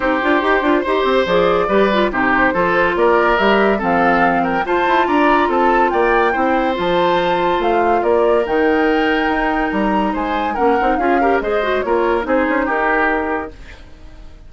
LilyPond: <<
  \new Staff \with { instrumentName = "flute" } { \time 4/4 \tempo 4 = 142 c''2. d''4~ | d''4 c''2 d''4 | e''4 f''4. g''8 a''4 | ais''4 a''4 g''2 |
a''2 f''4 d''4 | g''2. ais''4 | gis''4 fis''4 f''4 dis''4 | cis''4 c''4 ais'2 | }
  \new Staff \with { instrumentName = "oboe" } { \time 4/4 g'2 c''2 | b'4 g'4 a'4 ais'4~ | ais'4 a'4. ais'8 c''4 | d''4 a'4 d''4 c''4~ |
c''2. ais'4~ | ais'1 | c''4 ais'4 gis'8 ais'8 c''4 | ais'4 gis'4 g'2 | }
  \new Staff \with { instrumentName = "clarinet" } { \time 4/4 dis'8 f'8 g'8 f'8 g'4 gis'4 | g'8 f'8 dis'4 f'2 | g'4 c'2 f'4~ | f'2. e'4 |
f'1 | dis'1~ | dis'4 cis'8 dis'8 f'8 g'8 gis'8 fis'8 | f'4 dis'2. | }
  \new Staff \with { instrumentName = "bassoon" } { \time 4/4 c'8 d'8 dis'8 d'8 dis'8 c'8 f4 | g4 c4 f4 ais4 | g4 f2 f'8 e'8 | d'4 c'4 ais4 c'4 |
f2 a4 ais4 | dis2 dis'4 g4 | gis4 ais8 c'8 cis'4 gis4 | ais4 c'8 cis'8 dis'2 | }
>>